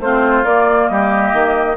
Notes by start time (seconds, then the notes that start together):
0.00 A3 C4 F4 C5
0.44 A#3 D5
0.88 G3 G4 D#5
1.33 D#3